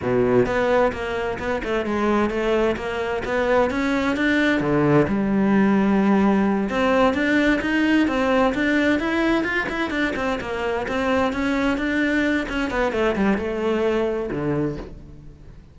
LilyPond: \new Staff \with { instrumentName = "cello" } { \time 4/4 \tempo 4 = 130 b,4 b4 ais4 b8 a8 | gis4 a4 ais4 b4 | cis'4 d'4 d4 g4~ | g2~ g8 c'4 d'8~ |
d'8 dis'4 c'4 d'4 e'8~ | e'8 f'8 e'8 d'8 c'8 ais4 c'8~ | c'8 cis'4 d'4. cis'8 b8 | a8 g8 a2 d4 | }